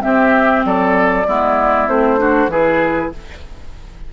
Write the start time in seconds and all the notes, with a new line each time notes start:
0.00 C4 G4 E5
0.65 F#3 A4 D5
1.26 G#3 B3 E4
1.87 A3 C4 C5
2.17 D4 F#4
2.47 E3 E4 G#4 B4